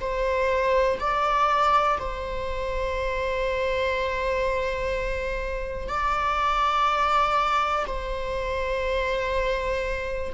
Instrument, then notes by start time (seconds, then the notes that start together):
viola
0.00 C5
1.00 D5
1.99 C5
5.88 D5
7.87 C5